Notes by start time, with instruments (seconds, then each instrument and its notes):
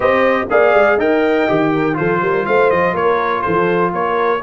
0.00 tuba C4, trombone G4, horn C5, trumpet D#5
0.49 tuba A#3, trombone G#4, horn D5, trumpet F5
0.73 tuba G#3
0.97 tuba D#4, trombone A#4, horn D#5, trumpet G5
1.48 tuba D#3, trombone G4
1.72 horn A#4
1.93 tuba F3, trombone F4, horn A4, trumpet C5
2.21 tuba G3, horn A#4
2.46 tuba A3, horn C5, trumpet F5
2.70 tuba F3, trumpet D#5
2.94 tuba A#3, horn A#4, trumpet C#5
3.41 tuba F3, horn A4, trumpet C5
3.93 tuba A#3, horn A#4, trumpet C#5